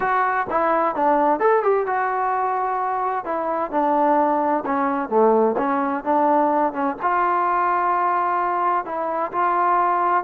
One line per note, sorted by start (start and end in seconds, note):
0.00 0.47 F#4
0.49 0.95 E4
0.95 1.39 D4
1.39 1.62 A4
1.63 1.86 G4
1.86 3.24 F#4
3.24 3.71 E4
3.71 4.64 D4
4.65 5.09 C#4
5.09 5.55 A3
5.57 6.04 C#4
6.04 6.73 D4
6.73 6.96 C#4
7.01 8.85 F4
8.85 9.31 E4
9.32 10.24 F4